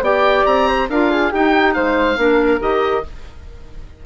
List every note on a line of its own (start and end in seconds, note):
0.00 0.43 B3
0.00 0.88 G4
0.00 0.67 D5
0.00 0.45 G5
0.45 0.89 C4
0.45 0.88 A#5
0.67 0.89 C5
0.89 1.31 D4
0.89 1.31 F4
0.89 1.10 A#4
0.89 1.32 F5
1.10 1.31 G#4
1.31 2.17 D#4
1.31 1.76 D#4
1.31 1.74 G4
1.31 1.73 G5
1.73 2.17 G#3
1.73 2.18 C5
1.73 2.59 F5
2.17 2.59 A#3
2.17 2.59 D4
2.17 3.05 A#4
2.59 3.03 D#3
2.59 3.02 G4
2.59 3.05 D#5